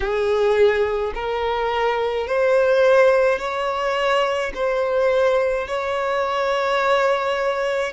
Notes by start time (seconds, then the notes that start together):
0.00 G#4
1.14 A#4
2.26 C5
3.39 C#5
4.54 C5
5.67 C#5